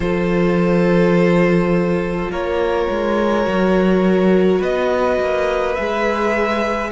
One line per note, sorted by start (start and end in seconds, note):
0.00 2.29 F3
0.00 3.42 F4
0.00 2.31 A4
0.00 2.31 C5
2.30 2.88 A#3
2.30 4.59 A#4
2.30 4.62 C#5
2.89 3.47 G#3
3.42 4.61 F#3
3.42 5.73 F#4
4.59 5.19 B3
4.59 6.90 B4
4.59 5.75 D#5
5.19 5.77 A#3
5.75 6.91 G#3
5.75 6.91 G#4
5.75 6.90 E5